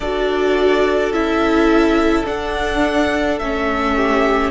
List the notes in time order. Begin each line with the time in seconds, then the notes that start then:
0.00 D4 F#4 A4 D5
1.12 C#4 E4 E5
2.25 D4 F#5
3.38 A3 C#4 E5
3.95 G4